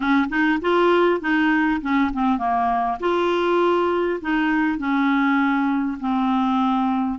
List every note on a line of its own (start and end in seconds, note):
0.00 0.28 C#4
0.29 0.59 D#4
0.61 1.21 F4
1.21 1.81 D#4
1.81 2.11 C#4
2.13 2.38 C4
2.38 2.98 A#3
3.00 4.20 F4
4.21 4.78 D#4
4.78 5.98 C#4
6.00 7.19 C4